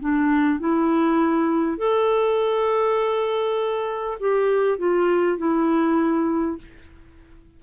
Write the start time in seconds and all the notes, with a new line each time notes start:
0.00 D4
0.59 E4
1.78 A4
4.19 G4
4.78 F4
5.38 E4